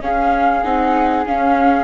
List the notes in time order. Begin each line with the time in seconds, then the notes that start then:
0.00 C#4 G#4 F5
0.63 C4 D#4 F#5
1.26 C#4 F5